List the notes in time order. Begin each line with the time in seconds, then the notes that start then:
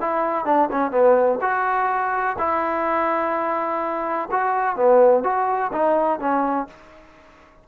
0.00 E4
0.45 D4
0.71 C#4
0.91 B3
1.41 F#4
2.38 E4
4.31 F#4
4.76 B3
5.23 F#4
5.72 D#4
6.19 C#4